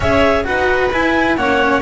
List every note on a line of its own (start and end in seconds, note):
0.00 0.45 C#4
0.00 0.44 G#4
0.00 0.45 C#5
0.00 0.44 E5
0.44 0.92 D#4
0.44 0.89 F#4
0.44 1.36 B4
0.44 0.90 F#5
0.92 1.36 E4
0.92 1.37 E4
0.92 1.36 G#5
1.36 1.81 A#3
1.36 1.82 C#4
1.36 1.82 C#5
1.36 1.82 F#5